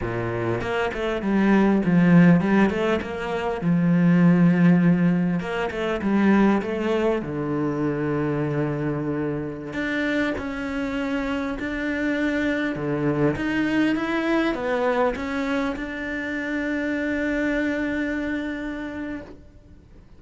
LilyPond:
\new Staff \with { instrumentName = "cello" } { \time 4/4 \tempo 4 = 100 ais,4 ais8 a8 g4 f4 | g8 a8 ais4 f2~ | f4 ais8 a8 g4 a4 | d1~ |
d16 d'4 cis'2 d'8.~ | d'4~ d'16 d4 dis'4 e'8.~ | e'16 b4 cis'4 d'4.~ d'16~ | d'1 | }